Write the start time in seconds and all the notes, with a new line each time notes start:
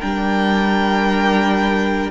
0.00 G3 D4 A#4 G5